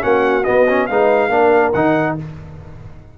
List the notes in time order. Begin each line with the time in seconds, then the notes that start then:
0.00 A#3 C#4 F#4 F#5
0.43 B3 D#5
0.68 C#4
0.86 G#3 D#4 B4 F5
1.29 A#3 D4 A#4
1.73 D#3 D#4 F#5